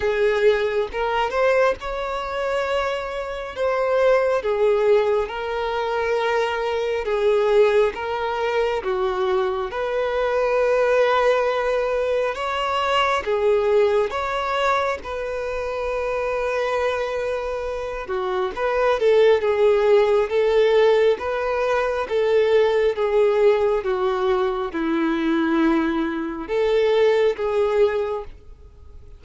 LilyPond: \new Staff \with { instrumentName = "violin" } { \time 4/4 \tempo 4 = 68 gis'4 ais'8 c''8 cis''2 | c''4 gis'4 ais'2 | gis'4 ais'4 fis'4 b'4~ | b'2 cis''4 gis'4 |
cis''4 b'2.~ | b'8 fis'8 b'8 a'8 gis'4 a'4 | b'4 a'4 gis'4 fis'4 | e'2 a'4 gis'4 | }